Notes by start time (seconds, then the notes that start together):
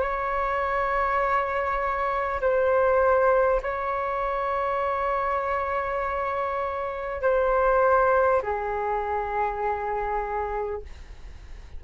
0.00 C#5
2.41 C5
3.62 C#5
7.21 C5
8.42 G#4